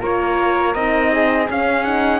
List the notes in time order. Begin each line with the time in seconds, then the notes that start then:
0.00 A#3 F4 A#4 C#5
0.74 C4 D#4 D#5
1.12 G#4
1.46 C#4 F5
1.84 D#4 F#5